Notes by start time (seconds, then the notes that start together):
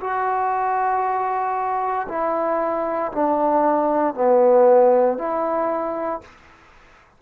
0.00 F#4
2.08 E4
3.12 D4
4.14 B3
5.18 E4